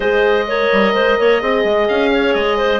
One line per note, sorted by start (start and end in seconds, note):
0.00 0.68 G#3
0.00 0.47 G#4
0.00 0.47 C5
0.00 1.88 D#5
0.47 1.40 A#4
0.47 0.94 C#5
0.72 0.94 G3
0.94 1.17 G#3
0.94 1.18 C5
1.19 1.42 A#3
1.19 1.41 C#5
1.40 1.64 C4
1.40 2.79 G#4
1.40 2.11 D#5
1.64 1.88 G#3
1.88 2.34 C#4
1.88 2.34 F5
2.12 2.57 C#5
2.34 2.79 G#3
2.34 2.79 D#5
2.57 2.79 C5